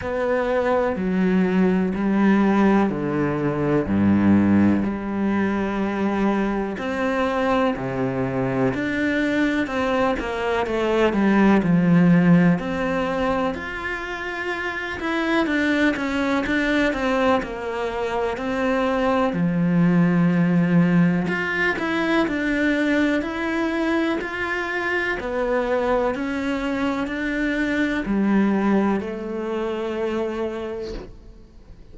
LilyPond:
\new Staff \with { instrumentName = "cello" } { \time 4/4 \tempo 4 = 62 b4 fis4 g4 d4 | g,4 g2 c'4 | c4 d'4 c'8 ais8 a8 g8 | f4 c'4 f'4. e'8 |
d'8 cis'8 d'8 c'8 ais4 c'4 | f2 f'8 e'8 d'4 | e'4 f'4 b4 cis'4 | d'4 g4 a2 | }